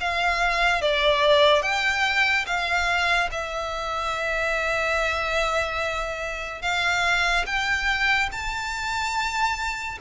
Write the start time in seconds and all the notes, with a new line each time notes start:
0.00 F5
0.81 D5
1.62 G5
2.46 F5
3.31 E5
6.62 F5
7.46 G5
8.31 A5